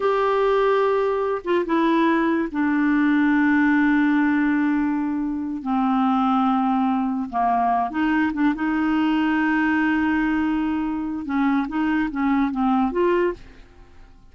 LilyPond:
\new Staff \with { instrumentName = "clarinet" } { \time 4/4 \tempo 4 = 144 g'2.~ g'8 f'8 | e'2 d'2~ | d'1~ | d'4. c'2~ c'8~ |
c'4. ais4. dis'4 | d'8 dis'2.~ dis'8~ | dis'2. cis'4 | dis'4 cis'4 c'4 f'4 | }